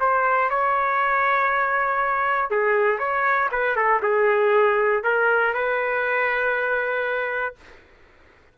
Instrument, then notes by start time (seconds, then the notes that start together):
trumpet
0.00 C5
0.50 C#5
2.50 G#4
2.98 C#5
3.52 B4
3.76 A4
4.02 G#4
5.03 A#4
5.54 B4